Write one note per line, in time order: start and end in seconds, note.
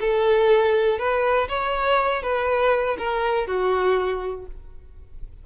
0.00 0.99 A4
0.99 1.48 B4
1.49 2.23 C#5
2.23 2.97 B4
2.98 3.47 A#4
3.47 4.46 F#4